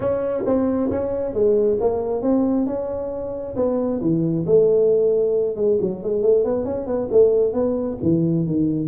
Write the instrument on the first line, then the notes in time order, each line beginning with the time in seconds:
tuba
0.00 C#4
0.46 C4
0.91 C#4
1.33 G#3
1.80 A#3
2.22 C4
2.66 C#4
3.56 B3
4.01 E3
4.46 A3
5.56 G#3
5.81 F#3
6.03 G#3
6.22 A3
6.44 B3
6.64 C#4
6.86 B3
7.11 A3
7.53 B3
8.02 E3
8.46 D#3